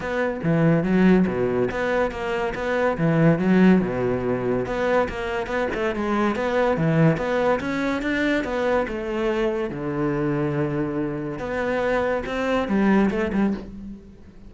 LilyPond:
\new Staff \with { instrumentName = "cello" } { \time 4/4 \tempo 4 = 142 b4 e4 fis4 b,4 | b4 ais4 b4 e4 | fis4 b,2 b4 | ais4 b8 a8 gis4 b4 |
e4 b4 cis'4 d'4 | b4 a2 d4~ | d2. b4~ | b4 c'4 g4 a8 g8 | }